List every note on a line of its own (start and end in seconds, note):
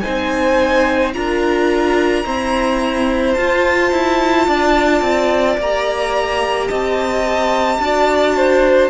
0.00 1.13 D#4
0.00 1.14 C5
0.00 1.11 G#5
0.06 1.14 C4
1.13 2.24 D4
1.13 2.25 F4
1.13 2.25 A#4
1.13 3.34 A#5
2.24 3.36 C4
2.24 3.35 E4
2.24 4.47 C5
3.34 3.91 F4
3.34 5.61 F4
3.34 5.56 A5
3.91 4.47 E4
4.47 5.01 D4
4.47 6.68 D5
5.01 5.57 C4
5.57 6.69 A#3
5.57 7.81 G4
5.57 6.67 A#5
6.67 7.79 C4
6.67 7.79 D#5
6.67 8.90 A5
7.79 8.90 D4
7.79 8.90 F#4
7.79 8.36 D5
8.36 8.90 C5